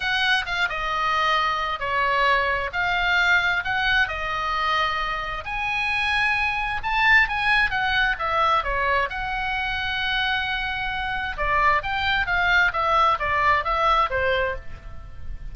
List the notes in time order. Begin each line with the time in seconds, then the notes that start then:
0.00 F#5
0.45 F5
0.69 D#5
1.79 C#5
2.72 F5
3.64 F#5
4.08 D#5
5.44 G#5
6.83 A5
7.28 G#5
7.70 F#5
8.19 E5
8.63 C#5
9.09 F#5
11.37 D5
11.82 G5
12.26 F5
12.73 E5
13.19 D5
13.64 E5
14.10 C5